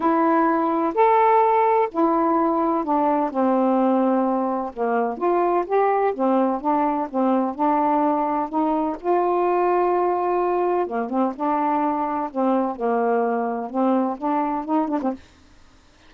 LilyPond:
\new Staff \with { instrumentName = "saxophone" } { \time 4/4 \tempo 4 = 127 e'2 a'2 | e'2 d'4 c'4~ | c'2 ais4 f'4 | g'4 c'4 d'4 c'4 |
d'2 dis'4 f'4~ | f'2. ais8 c'8 | d'2 c'4 ais4~ | ais4 c'4 d'4 dis'8 d'16 c'16 | }